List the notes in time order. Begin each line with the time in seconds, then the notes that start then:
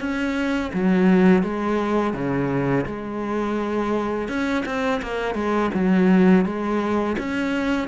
0.00 C#4
0.74 F#3
1.43 G#3
2.14 C#3
2.86 G#3
4.29 C#4
4.66 C4
5.02 A#3
5.35 G#3
5.74 F#3
6.45 G#3
7.19 C#4